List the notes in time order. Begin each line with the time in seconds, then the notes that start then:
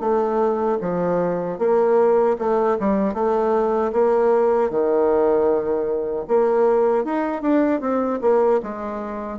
0.00 A3
0.81 F3
1.59 A#3
2.39 A3
2.79 G3
3.14 A3
3.92 A#3
4.70 D#3
6.28 A#3
7.04 D#4
7.42 D4
7.81 C4
8.21 A#3
8.62 G#3